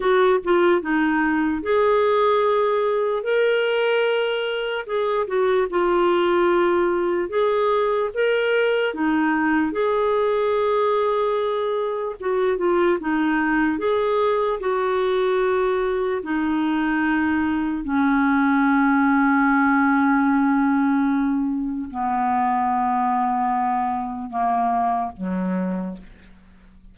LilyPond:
\new Staff \with { instrumentName = "clarinet" } { \time 4/4 \tempo 4 = 74 fis'8 f'8 dis'4 gis'2 | ais'2 gis'8 fis'8 f'4~ | f'4 gis'4 ais'4 dis'4 | gis'2. fis'8 f'8 |
dis'4 gis'4 fis'2 | dis'2 cis'2~ | cis'2. b4~ | b2 ais4 fis4 | }